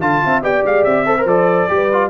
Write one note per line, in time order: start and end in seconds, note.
0.00 0.22 D3
0.00 0.43 F4
0.00 0.21 F5
0.00 0.43 A5
0.24 0.42 C4
0.24 0.44 E5
0.42 0.63 B3
0.42 1.06 G4
0.42 1.07 D5
0.42 0.65 G5
0.64 0.85 G#3
0.64 0.84 F5
0.84 1.25 C4
0.84 1.26 E5
1.06 1.16 A4
1.06 1.70 C5
1.18 1.28 A#4
1.25 1.67 F3
1.25 1.69 A4
1.25 2.10 D5
1.69 2.10 G3
1.69 1.90 G4
1.69 2.10 B4
1.93 2.10 F4